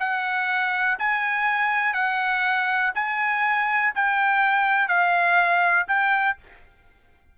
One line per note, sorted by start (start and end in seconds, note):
0.00 0.98 F#5
0.99 1.94 G#5
1.94 2.92 F#5
2.95 3.93 G#5
3.95 4.88 G5
4.88 5.87 F5
5.88 6.37 G5